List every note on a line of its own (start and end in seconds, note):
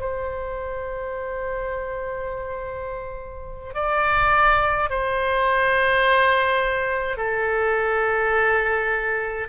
0.00 3.74 C5
3.74 4.90 D5
4.90 7.17 C5
7.17 9.48 A4